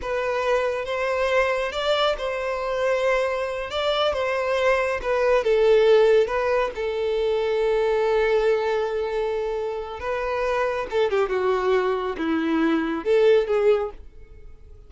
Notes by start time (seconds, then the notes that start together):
0.01 B4
0.85 C5
1.72 D5
2.18 C5
3.70 D5
4.13 C5
5.01 B4
5.43 A4
6.27 B4
6.75 A4
10.00 B4
10.90 A4
11.10 G4
11.29 F#4
12.17 E4
13.04 A4
13.47 G#4